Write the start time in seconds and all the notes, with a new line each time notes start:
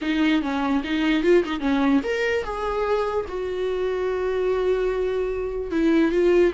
0.01 D#4
0.42 C#4
0.83 D#4
1.23 F4
1.44 D#4
1.60 C#4
2.03 A#4
2.44 G#4
3.28 F#4
5.71 E4
6.11 F4